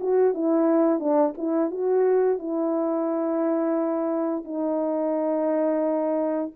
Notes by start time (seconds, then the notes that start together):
0.00 F#4
0.34 E4
0.99 D4
1.38 E4
1.71 F#4
2.39 E4
4.44 D#4